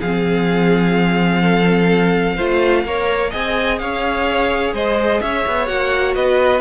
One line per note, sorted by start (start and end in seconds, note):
0.00 2.38 F3
0.00 2.39 C4
0.00 1.42 G#4
0.00 3.31 F5
1.42 2.36 A4
2.36 2.85 A3
2.36 2.86 F4
2.36 2.83 C5
2.85 3.32 A#3
2.85 3.31 A#4
2.85 3.30 C#5
3.30 3.80 C4
3.30 5.67 G#4
3.30 3.78 D#5
3.30 3.79 G#5
3.79 4.73 C#4
3.79 4.74 C#5
3.79 4.73 F5
4.73 5.20 G#3
4.73 5.21 C5
4.73 5.21 D#5
5.21 5.45 C#4
5.21 6.15 C#5
5.21 5.67 E5
5.46 5.69 B3
5.67 6.16 A#3
5.67 6.61 F#4
5.67 6.14 F#5
6.15 6.61 B3
6.15 6.61 B4
6.15 6.61 D#5